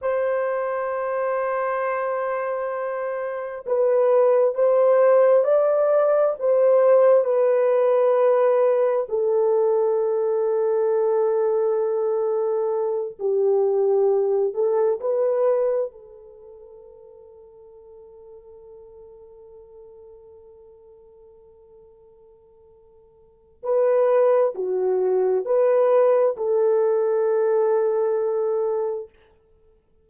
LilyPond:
\new Staff \with { instrumentName = "horn" } { \time 4/4 \tempo 4 = 66 c''1 | b'4 c''4 d''4 c''4 | b'2 a'2~ | a'2~ a'8 g'4. |
a'8 b'4 a'2~ a'8~ | a'1~ | a'2 b'4 fis'4 | b'4 a'2. | }